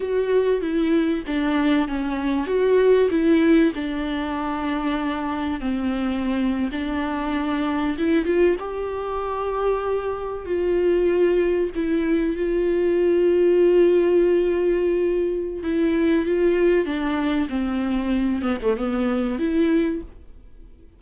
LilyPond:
\new Staff \with { instrumentName = "viola" } { \time 4/4 \tempo 4 = 96 fis'4 e'4 d'4 cis'4 | fis'4 e'4 d'2~ | d'4 c'4.~ c'16 d'4~ d'16~ | d'8. e'8 f'8 g'2~ g'16~ |
g'8. f'2 e'4 f'16~ | f'1~ | f'4 e'4 f'4 d'4 | c'4. b16 a16 b4 e'4 | }